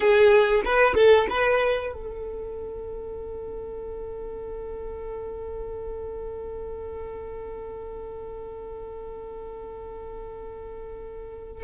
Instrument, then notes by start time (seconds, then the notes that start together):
violin
0.00 G#4
0.64 B4
0.94 A4
1.29 B4
1.93 A4